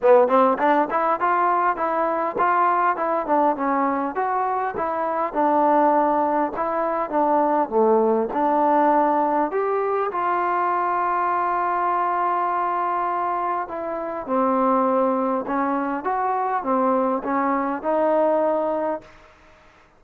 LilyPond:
\new Staff \with { instrumentName = "trombone" } { \time 4/4 \tempo 4 = 101 b8 c'8 d'8 e'8 f'4 e'4 | f'4 e'8 d'8 cis'4 fis'4 | e'4 d'2 e'4 | d'4 a4 d'2 |
g'4 f'2.~ | f'2. e'4 | c'2 cis'4 fis'4 | c'4 cis'4 dis'2 | }